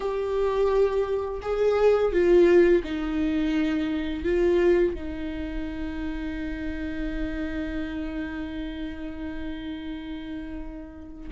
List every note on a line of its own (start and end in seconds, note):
0.00 1.41 G4
1.41 2.12 G#4
2.12 2.82 F4
2.84 4.24 D#4
4.24 4.94 F4
4.94 11.29 D#4